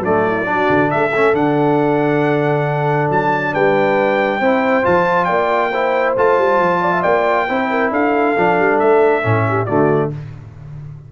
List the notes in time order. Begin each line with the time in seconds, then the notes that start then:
0.00 F#3 A3 D4 D5
0.27 E4
0.45 D4 F#4
0.69 D3
0.91 A3 A4 E5
1.15 C#4
1.33 D3 D4 F#5
3.10 F#3 A5
3.53 G3 B4 G5
4.40 C4 E4 C5
4.83 F3 F4 A5
5.25 A#3 D5 G5
5.71 E4 C5
6.16 A3 F4 A5
6.38 G3
6.60 F3
6.81 D5
6.92 E5
7.02 A#3 D5 G5
7.48 C4 E4 C5
7.70 A#4
7.91 D4 A4 F5
8.37 F3 D4
8.59 G3
8.79 A3 E5
9.23 A2 C#4
9.48 G4
9.66 D3 A3 F#4 D5